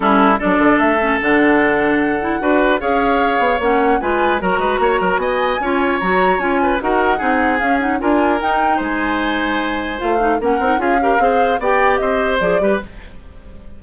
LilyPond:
<<
  \new Staff \with { instrumentName = "flute" } { \time 4/4 \tempo 4 = 150 a'4 d''4 e''4 fis''4~ | fis''2. f''4~ | f''4 fis''4 gis''4 ais''4~ | ais''4 gis''2 ais''4 |
gis''4 fis''2 f''8 fis''8 | gis''4 g''4 gis''2~ | gis''4 f''4 fis''4 f''4~ | f''4 g''4 dis''4 d''4 | }
  \new Staff \with { instrumentName = "oboe" } { \time 4/4 e'4 a'2.~ | a'2 b'4 cis''4~ | cis''2 b'4 ais'8 b'8 | cis''8 ais'8 dis''4 cis''2~ |
cis''8 b'8 ais'4 gis'2 | ais'2 c''2~ | c''2 ais'4 gis'8 ais'8 | c''4 d''4 c''4. b'8 | }
  \new Staff \with { instrumentName = "clarinet" } { \time 4/4 cis'4 d'4. cis'8 d'4~ | d'4. e'8 fis'4 gis'4~ | gis'4 cis'4 f'4 fis'4~ | fis'2 f'4 fis'4 |
f'4 fis'4 dis'4 cis'8 dis'8 | f'4 dis'2.~ | dis'4 f'8 dis'8 cis'8 dis'8 f'8 g'8 | gis'4 g'2 gis'8 g'8 | }
  \new Staff \with { instrumentName = "bassoon" } { \time 4/4 g4 fis8 d8 a4 d4~ | d2 d'4 cis'4~ | cis'8 b8 ais4 gis4 fis8 gis8 | ais8 fis8 b4 cis'4 fis4 |
cis'4 dis'4 c'4 cis'4 | d'4 dis'4 gis2~ | gis4 a4 ais8 c'8 cis'4 | c'4 b4 c'4 f8 g8 | }
>>